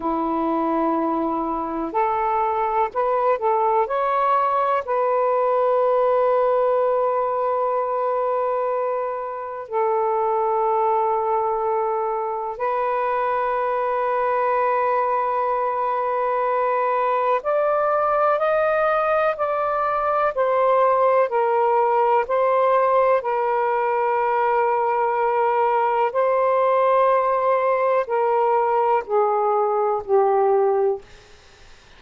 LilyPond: \new Staff \with { instrumentName = "saxophone" } { \time 4/4 \tempo 4 = 62 e'2 a'4 b'8 a'8 | cis''4 b'2.~ | b'2 a'2~ | a'4 b'2.~ |
b'2 d''4 dis''4 | d''4 c''4 ais'4 c''4 | ais'2. c''4~ | c''4 ais'4 gis'4 g'4 | }